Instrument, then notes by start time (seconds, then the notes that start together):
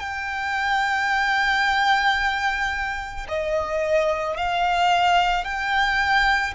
violin
0.00 G5
3.29 D#5
4.37 F5
5.45 G5